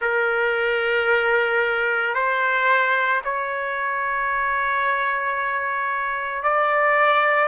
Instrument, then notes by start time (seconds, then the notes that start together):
trumpet
0.00 A#4
2.14 C5
3.24 C#5
6.43 D5